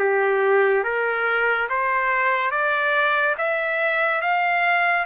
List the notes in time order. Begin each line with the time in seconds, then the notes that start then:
0.00 G4
0.84 A#4
1.70 C5
2.51 D5
3.38 E5
4.22 F5